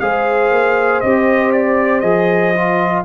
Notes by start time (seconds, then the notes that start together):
0.00 G#3 G#4 C5 F5
0.52 A#3
1.01 C4 G4 D#5
1.53 D5
2.00 F3 G#4 D#5
2.55 F4